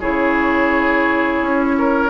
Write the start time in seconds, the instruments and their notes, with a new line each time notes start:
0.00 bassoon C#3, clarinet E4, oboe G#4, flute C#5
1.41 bassoon C#4
1.78 oboe A#4